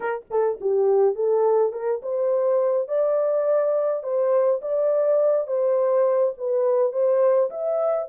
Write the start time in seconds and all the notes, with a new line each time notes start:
0.00 A#4
0.30 A4
0.60 G4
1.15 A4
1.72 A#4
2.02 C5
2.87 D5
4.03 C5
4.61 D5
5.47 C5
6.37 B4
6.92 C5
7.50 E5